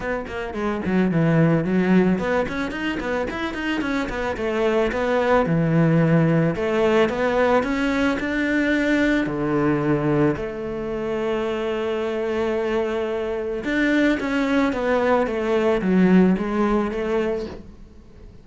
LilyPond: \new Staff \with { instrumentName = "cello" } { \time 4/4 \tempo 4 = 110 b8 ais8 gis8 fis8 e4 fis4 | b8 cis'8 dis'8 b8 e'8 dis'8 cis'8 b8 | a4 b4 e2 | a4 b4 cis'4 d'4~ |
d'4 d2 a4~ | a1~ | a4 d'4 cis'4 b4 | a4 fis4 gis4 a4 | }